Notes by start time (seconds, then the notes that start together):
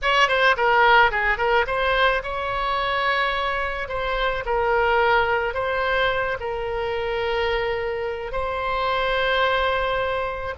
0.02 C#5
0.28 C5
0.57 A#4
1.11 G#4
1.37 A#4
1.66 C5
2.23 C#5
3.88 C5
4.45 A#4
5.54 C5
6.39 A#4
8.32 C5